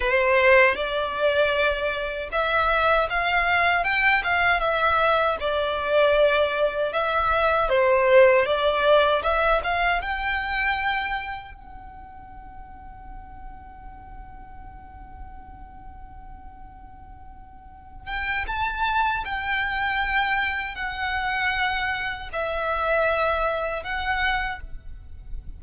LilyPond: \new Staff \with { instrumentName = "violin" } { \time 4/4 \tempo 4 = 78 c''4 d''2 e''4 | f''4 g''8 f''8 e''4 d''4~ | d''4 e''4 c''4 d''4 | e''8 f''8 g''2 fis''4~ |
fis''1~ | fis''2.~ fis''8 g''8 | a''4 g''2 fis''4~ | fis''4 e''2 fis''4 | }